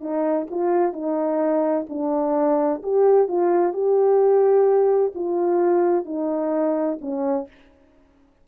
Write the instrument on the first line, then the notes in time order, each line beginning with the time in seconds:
horn
0.00 D#4
0.50 F4
0.93 D#4
1.89 D4
2.83 G4
3.28 F4
3.73 G4
5.14 F4
6.05 D#4
7.01 C#4